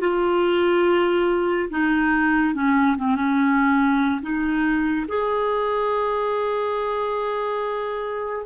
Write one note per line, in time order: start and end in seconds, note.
0.00 1.69 F4
1.70 2.54 D#4
2.54 2.97 C#4
2.97 3.15 C4
3.15 4.21 C#4
4.21 5.06 D#4
5.08 8.46 G#4